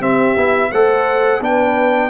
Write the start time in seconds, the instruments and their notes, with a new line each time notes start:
0.00 tuba C4, trombone C4, horn G4, trumpet E5
0.36 tuba B3, trombone E4
0.72 tuba A3, trombone A4, horn C5, trumpet F#5
1.40 tuba B3, trombone D4, horn B4, trumpet G5